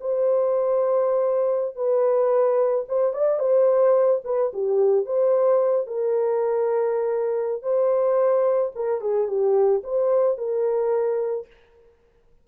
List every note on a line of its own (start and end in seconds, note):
0.00 1.75 C5
1.75 2.84 B4
2.88 3.13 C5
3.13 3.39 D5
3.39 4.21 C5
4.24 4.51 B4
4.53 5.05 G4
5.05 5.87 C5
5.87 7.62 A#4
7.62 8.71 C5
8.75 9.00 A#4
9.00 9.27 G#4
9.27 9.82 G4
9.83 10.37 C5
10.37 11.46 A#4